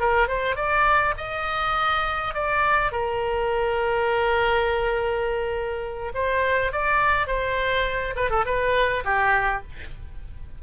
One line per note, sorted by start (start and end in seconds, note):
0.00 0.28 A#4
0.28 0.56 C5
0.56 1.14 D5
1.18 2.34 D#5
2.34 2.92 D5
2.92 6.12 A#4
6.14 6.72 C5
6.72 7.27 D5
7.27 8.15 C5
8.16 8.31 B4
8.31 8.45 A4
8.46 9.04 B4
9.05 9.63 G4